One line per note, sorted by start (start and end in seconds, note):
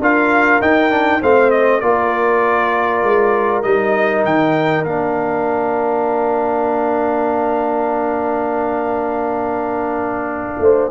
0.00 0.61 D4
0.00 0.62 F4
0.00 1.22 A#4
0.00 0.62 F5
0.61 1.22 D#4
0.61 0.90 D#4
0.61 1.22 G5
0.90 1.21 D4
1.22 1.82 A3
1.22 1.82 C4
1.22 1.82 C5
1.22 1.51 F5
1.51 1.81 D#5
1.81 3.03 A#3
1.81 3.64 F4
1.81 10.61 A#4
1.81 3.62 D5
3.03 3.64 G#3
3.62 4.25 G3
3.62 4.85 D#4
3.62 4.23 D#5
4.25 4.85 D#3
4.25 4.84 G5
4.84 10.60 A#3
4.84 10.91 D4
4.84 10.90 F5
10.60 10.90 A3
10.60 10.91 C5